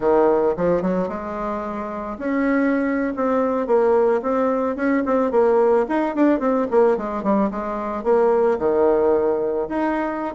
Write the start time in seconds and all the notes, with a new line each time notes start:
0.00 D#3
0.56 F3
0.82 F#3
1.08 G#3
2.18 C#4
3.16 C4
3.66 A#3
4.21 C4
4.76 C#4
5.05 C4
5.31 A#3
5.88 D#4
6.15 D4
6.39 C4
6.70 A#3
6.97 G#3
7.23 G3
7.50 G#3
8.03 A#3
8.58 D#3
9.68 D#4